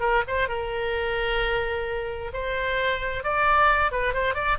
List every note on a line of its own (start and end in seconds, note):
0.00 0.23 A#4
0.27 0.48 C5
0.48 2.32 A#4
2.33 3.23 C5
3.23 3.91 D5
3.91 4.14 B4
4.14 4.34 C5
4.34 4.57 D5